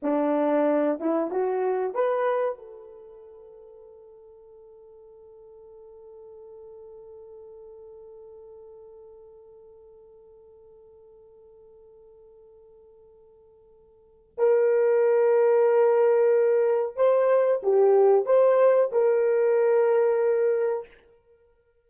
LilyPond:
\new Staff \with { instrumentName = "horn" } { \time 4/4 \tempo 4 = 92 d'4. e'8 fis'4 b'4 | a'1~ | a'1~ | a'1~ |
a'1~ | a'2 ais'2~ | ais'2 c''4 g'4 | c''4 ais'2. | }